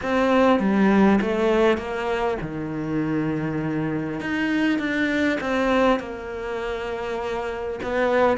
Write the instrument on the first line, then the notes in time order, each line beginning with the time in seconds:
cello
0.02 C4
0.59 G3
1.21 A3
1.77 A#3
2.41 D#3
4.20 D#4
4.78 D4
5.40 C4
5.99 A#3
7.82 B3